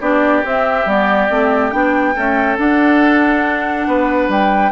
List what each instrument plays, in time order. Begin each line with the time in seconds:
0.00 bassoon B3, clarinet D4, oboe G4, flute D5
0.43 clarinet C4, bassoon C4, flute E5
0.85 bassoon G3, clarinet B3, flute D5
1.29 bassoon A3, clarinet C4
1.71 bassoon B3, clarinet D4, flute G5
2.15 clarinet A3, bassoon C#4, oboe A4
2.57 clarinet D4, bassoon D4, flute F#5
3.86 bassoon B3, oboe B4
4.28 bassoon G3, flute G5